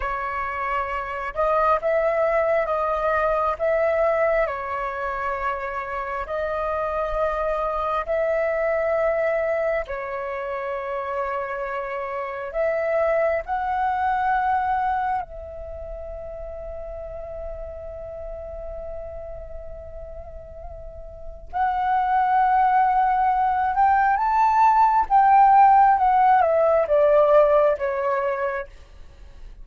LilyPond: \new Staff \with { instrumentName = "flute" } { \time 4/4 \tempo 4 = 67 cis''4. dis''8 e''4 dis''4 | e''4 cis''2 dis''4~ | dis''4 e''2 cis''4~ | cis''2 e''4 fis''4~ |
fis''4 e''2.~ | e''1 | fis''2~ fis''8 g''8 a''4 | g''4 fis''8 e''8 d''4 cis''4 | }